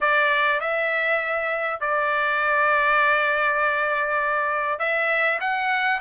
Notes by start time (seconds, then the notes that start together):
0.00 D5
0.60 E5
1.80 D5
4.79 E5
5.40 F#5